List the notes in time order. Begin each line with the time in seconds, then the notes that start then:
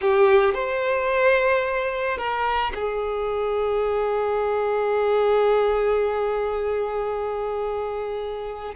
0.01 G4
0.54 C5
2.17 A#4
2.74 G#4